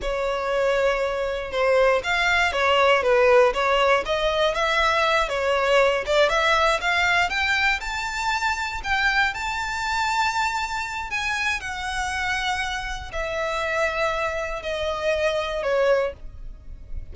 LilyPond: \new Staff \with { instrumentName = "violin" } { \time 4/4 \tempo 4 = 119 cis''2. c''4 | f''4 cis''4 b'4 cis''4 | dis''4 e''4. cis''4. | d''8 e''4 f''4 g''4 a''8~ |
a''4. g''4 a''4.~ | a''2 gis''4 fis''4~ | fis''2 e''2~ | e''4 dis''2 cis''4 | }